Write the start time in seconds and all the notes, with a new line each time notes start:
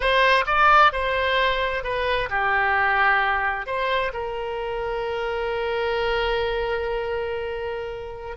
0.00 C5
0.46 D5
0.92 C5
1.83 B4
2.29 G4
3.66 C5
4.13 A#4